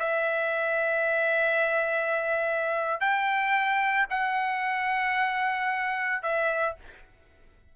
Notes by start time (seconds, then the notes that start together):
0.00 E5
3.01 G5
4.11 F#5
6.23 E5